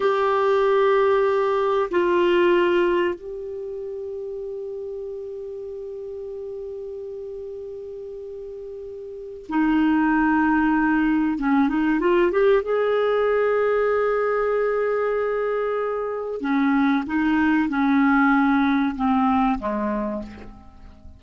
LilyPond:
\new Staff \with { instrumentName = "clarinet" } { \time 4/4 \tempo 4 = 95 g'2. f'4~ | f'4 g'2.~ | g'1~ | g'2. dis'4~ |
dis'2 cis'8 dis'8 f'8 g'8 | gis'1~ | gis'2 cis'4 dis'4 | cis'2 c'4 gis4 | }